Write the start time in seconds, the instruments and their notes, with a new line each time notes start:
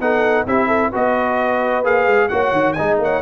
0.00 tuba B3, trombone D#4, horn A4, trumpet F#5
0.47 tuba C4, trombone E4, horn G4, trumpet E5
0.68 horn A4
0.91 tuba B3, trombone F#4, horn B4, trumpet D#5
1.84 tuba A#3, trombone G#4, trumpet F5
2.07 tuba G#3
2.29 tuba A#3, trombone F#4, horn C#5, trumpet F#5
2.52 tuba D#3
2.73 tuba G#3, trombone D#4, horn D#5, trumpet G#5
2.99 tuba A#3, horn C#5, trumpet F#5